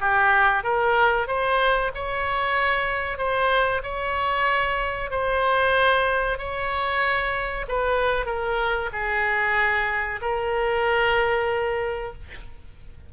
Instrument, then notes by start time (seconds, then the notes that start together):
oboe
0.00 G4
0.64 A#4
1.27 C5
1.94 C#5
3.18 C5
3.83 C#5
5.11 C5
6.38 C#5
7.68 B4
8.26 A#4
8.92 G#4
10.22 A#4